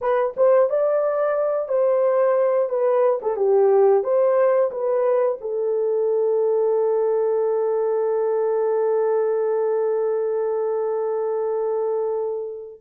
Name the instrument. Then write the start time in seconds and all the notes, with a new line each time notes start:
horn
0.01 B4
0.36 C5
0.69 D5
1.68 C5
2.69 B4
3.22 A4
3.36 G4
4.03 C5
4.71 B4
5.41 A4